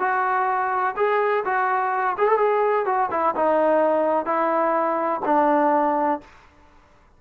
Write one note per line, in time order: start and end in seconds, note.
0.00 0.95 F#4
0.97 1.44 G#4
1.45 2.16 F#4
2.18 2.28 G#4
2.28 2.38 A4
2.38 2.86 G#4
2.86 3.10 F#4
3.11 3.35 E4
3.36 4.26 D#4
4.26 5.21 E4
5.26 6.21 D4